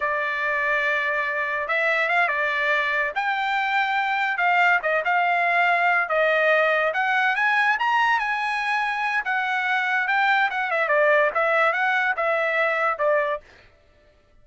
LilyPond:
\new Staff \with { instrumentName = "trumpet" } { \time 4/4 \tempo 4 = 143 d''1 | e''4 f''8 d''2 g''8~ | g''2~ g''8 f''4 dis''8 | f''2~ f''8 dis''4.~ |
dis''8 fis''4 gis''4 ais''4 gis''8~ | gis''2 fis''2 | g''4 fis''8 e''8 d''4 e''4 | fis''4 e''2 d''4 | }